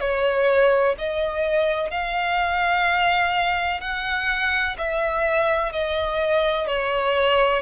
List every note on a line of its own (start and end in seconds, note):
0.00 0.95 C#5
0.98 1.90 D#5
1.90 3.81 F5
3.81 4.76 F#5
4.77 5.72 E5
5.72 6.67 D#5
6.67 7.62 C#5